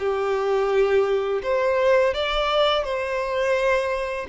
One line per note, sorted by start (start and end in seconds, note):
0.00 1.43 G4
1.44 2.15 C5
2.15 2.85 D5
2.85 4.28 C5